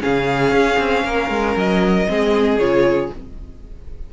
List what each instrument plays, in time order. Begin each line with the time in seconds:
0.00 cello C#3, viola C#4, violin G#4 F5
0.51 cello C#4
0.78 cello C4
1.04 cello A#3, violin A#4
1.29 cello G#3
1.56 cello F#3, violin D#5
2.07 cello G#3, viola C4, violin G#4
2.58 cello C#3, viola F4, violin C#5